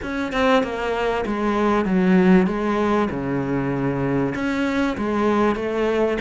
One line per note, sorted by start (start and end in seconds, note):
0.02 0.32 C#4
0.32 0.63 C4
0.63 1.25 A#3
1.25 1.85 G#3
1.85 2.46 F#3
2.46 3.08 G#3
3.10 4.34 C#3
4.35 4.97 C#4
4.97 5.55 G#3
5.55 6.17 A3